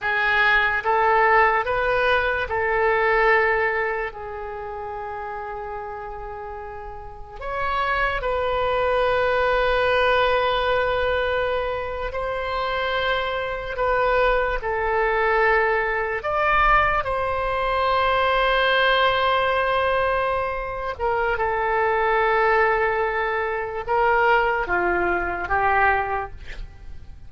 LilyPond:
\new Staff \with { instrumentName = "oboe" } { \time 4/4 \tempo 4 = 73 gis'4 a'4 b'4 a'4~ | a'4 gis'2.~ | gis'4 cis''4 b'2~ | b'2~ b'8. c''4~ c''16~ |
c''8. b'4 a'2 d''16~ | d''8. c''2.~ c''16~ | c''4. ais'8 a'2~ | a'4 ais'4 f'4 g'4 | }